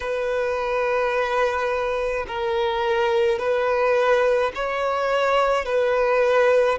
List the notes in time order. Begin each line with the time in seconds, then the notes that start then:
0.00 B4
2.27 A#4
3.39 B4
4.54 C#5
5.64 B4